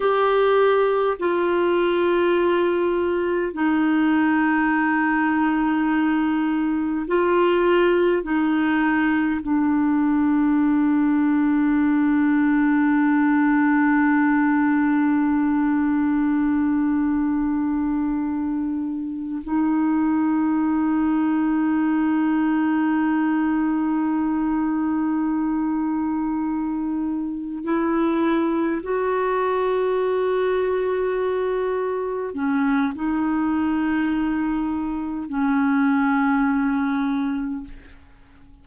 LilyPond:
\new Staff \with { instrumentName = "clarinet" } { \time 4/4 \tempo 4 = 51 g'4 f'2 dis'4~ | dis'2 f'4 dis'4 | d'1~ | d'1~ |
d'8 dis'2.~ dis'8~ | dis'2.~ dis'8 e'8~ | e'8 fis'2. cis'8 | dis'2 cis'2 | }